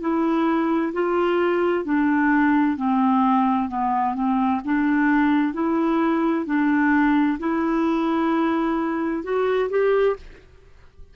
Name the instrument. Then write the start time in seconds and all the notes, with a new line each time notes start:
clarinet
0.00 E4
0.93 F4
1.84 D4
2.77 C4
3.68 B3
4.15 C4
4.64 D4
5.53 E4
6.46 D4
7.38 E4
9.23 F#4
9.70 G4